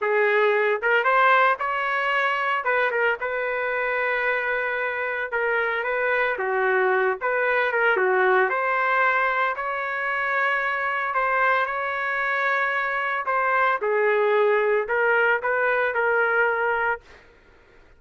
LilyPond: \new Staff \with { instrumentName = "trumpet" } { \time 4/4 \tempo 4 = 113 gis'4. ais'8 c''4 cis''4~ | cis''4 b'8 ais'8 b'2~ | b'2 ais'4 b'4 | fis'4. b'4 ais'8 fis'4 |
c''2 cis''2~ | cis''4 c''4 cis''2~ | cis''4 c''4 gis'2 | ais'4 b'4 ais'2 | }